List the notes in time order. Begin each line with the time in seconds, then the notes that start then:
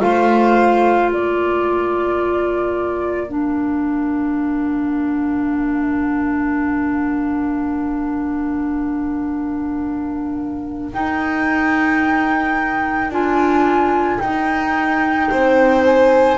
0.00 A3 F4 C5 F5
1.11 A#3 A#4 D5
3.28 D4 F5
10.93 D#4 G5
13.10 D4 F4 G#5
14.20 D#4 G5
15.31 C4 C5
15.86 G#5